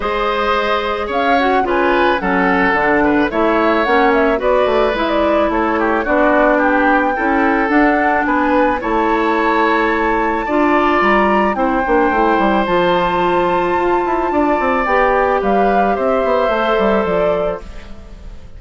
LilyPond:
<<
  \new Staff \with { instrumentName = "flute" } { \time 4/4 \tempo 4 = 109 dis''2 f''8 fis''8 gis''4 | fis''2 e''4 fis''8 e''8 | d''4 e''16 d''8. cis''4 d''4 | g''2 fis''4 gis''4 |
a''1 | ais''4 g''2 a''4~ | a''2. g''4 | f''4 e''2 d''4 | }
  \new Staff \with { instrumentName = "oboe" } { \time 4/4 c''2 cis''4 b'4 | a'4. b'8 cis''2 | b'2 a'8 g'8 fis'4 | g'4 a'2 b'4 |
cis''2. d''4~ | d''4 c''2.~ | c''2 d''2 | b'4 c''2. | }
  \new Staff \with { instrumentName = "clarinet" } { \time 4/4 gis'2~ gis'8 fis'8 f'4 | cis'4 d'4 e'4 cis'4 | fis'4 e'2 d'4~ | d'4 e'4 d'2 |
e'2. f'4~ | f'4 e'8 d'8 e'4 f'4~ | f'2. g'4~ | g'2 a'2 | }
  \new Staff \with { instrumentName = "bassoon" } { \time 4/4 gis2 cis'4 cis4 | fis4 d4 a4 ais4 | b8 a8 gis4 a4 b4~ | b4 cis'4 d'4 b4 |
a2. d'4 | g4 c'8 ais8 a8 g8 f4~ | f4 f'8 e'8 d'8 c'8 b4 | g4 c'8 b8 a8 g8 f4 | }
>>